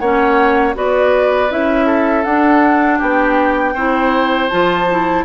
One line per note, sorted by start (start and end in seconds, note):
0.00 0.75 A#3
0.00 0.74 C#4
0.00 0.76 C#5
0.00 0.75 F#5
0.74 1.51 B3
0.74 1.49 F#4
0.74 1.86 B4
0.74 1.52 D5
1.50 2.25 C#4
1.50 2.25 E4
1.50 2.24 E5
1.86 2.99 A4
2.24 3.00 D4
2.24 3.76 D4
2.24 2.99 F#5
2.99 3.75 B3
2.99 3.74 G4
2.99 4.50 G5
3.75 4.50 C4
3.75 4.51 E4
3.75 5.25 C5
4.50 5.25 F3
4.50 4.88 F4
4.50 5.25 A5
4.90 5.25 E4